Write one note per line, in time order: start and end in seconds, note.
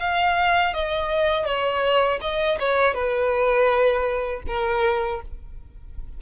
0.00 0.74 F5
0.74 1.45 D#5
1.45 2.20 C#5
2.21 2.58 D#5
2.60 2.94 C#5
2.94 4.42 B4
4.47 5.22 A#4